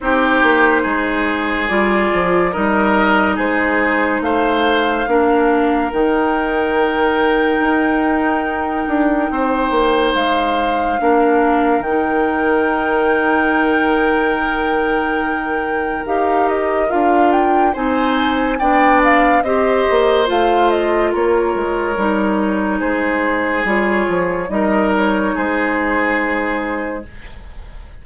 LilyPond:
<<
  \new Staff \with { instrumentName = "flute" } { \time 4/4 \tempo 4 = 71 c''2 d''4 dis''4 | c''4 f''2 g''4~ | g''1 | f''2 g''2~ |
g''2. f''8 dis''8 | f''8 g''8 gis''4 g''8 f''8 dis''4 | f''8 dis''8 cis''2 c''4 | cis''4 dis''8 cis''8 c''2 | }
  \new Staff \with { instrumentName = "oboe" } { \time 4/4 g'4 gis'2 ais'4 | gis'4 c''4 ais'2~ | ais'2. c''4~ | c''4 ais'2.~ |
ais'1~ | ais'4 c''4 d''4 c''4~ | c''4 ais'2 gis'4~ | gis'4 ais'4 gis'2 | }
  \new Staff \with { instrumentName = "clarinet" } { \time 4/4 dis'2 f'4 dis'4~ | dis'2 d'4 dis'4~ | dis'1~ | dis'4 d'4 dis'2~ |
dis'2. g'4 | f'4 dis'4 d'4 g'4 | f'2 dis'2 | f'4 dis'2. | }
  \new Staff \with { instrumentName = "bassoon" } { \time 4/4 c'8 ais8 gis4 g8 f8 g4 | gis4 a4 ais4 dis4~ | dis4 dis'4. d'8 c'8 ais8 | gis4 ais4 dis2~ |
dis2. dis'4 | d'4 c'4 b4 c'8 ais8 | a4 ais8 gis8 g4 gis4 | g8 f8 g4 gis2 | }
>>